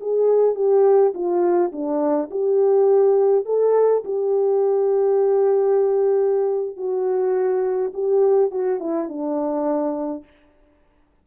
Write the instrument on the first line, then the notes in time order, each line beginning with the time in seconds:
horn
0.00 G#4
0.55 G4
1.14 F4
1.72 D4
2.30 G4
3.45 A4
4.04 G4
6.76 F#4
7.94 G4
8.51 F#4
8.80 E4
9.08 D4